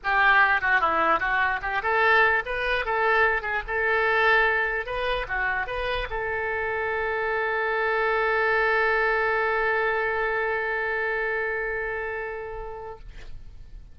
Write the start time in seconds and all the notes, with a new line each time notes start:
0.03 G4
0.61 F#4
0.80 E4
1.19 F#4
1.61 G4
1.82 A4
2.45 B4
2.85 A4
3.42 G#4
3.67 A4
4.86 B4
5.27 F#4
5.66 B4
6.10 A4